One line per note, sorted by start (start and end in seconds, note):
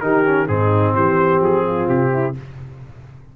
0.00 0.48 D#3
0.00 0.24 D#4
0.00 0.49 G4
0.00 0.47 A#4
0.25 0.47 C#4
0.47 0.94 G#2
0.47 2.34 C4
0.47 0.95 D#4
0.47 0.94 G#4
0.94 1.40 E3
0.94 1.66 G4
0.94 1.42 C5
1.40 1.87 F3
1.40 1.88 G#4
1.67 2.13 F4
1.88 2.35 C3
1.88 2.35 G4
2.13 2.36 E4